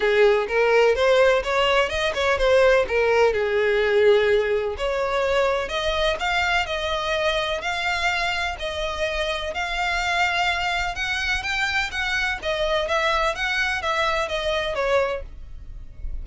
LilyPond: \new Staff \with { instrumentName = "violin" } { \time 4/4 \tempo 4 = 126 gis'4 ais'4 c''4 cis''4 | dis''8 cis''8 c''4 ais'4 gis'4~ | gis'2 cis''2 | dis''4 f''4 dis''2 |
f''2 dis''2 | f''2. fis''4 | g''4 fis''4 dis''4 e''4 | fis''4 e''4 dis''4 cis''4 | }